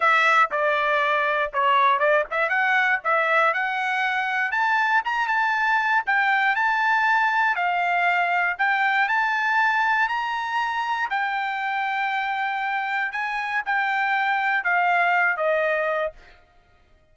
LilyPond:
\new Staff \with { instrumentName = "trumpet" } { \time 4/4 \tempo 4 = 119 e''4 d''2 cis''4 | d''8 e''8 fis''4 e''4 fis''4~ | fis''4 a''4 ais''8 a''4. | g''4 a''2 f''4~ |
f''4 g''4 a''2 | ais''2 g''2~ | g''2 gis''4 g''4~ | g''4 f''4. dis''4. | }